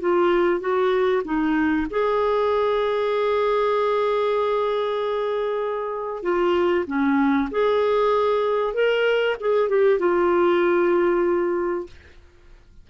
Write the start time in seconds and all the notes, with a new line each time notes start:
0.00 F4
0.60 F#4
1.24 D#4
1.90 G#4
6.22 F4
6.86 C#4
7.51 G#4
8.74 A#4
9.40 G#4
9.69 G4
9.99 F4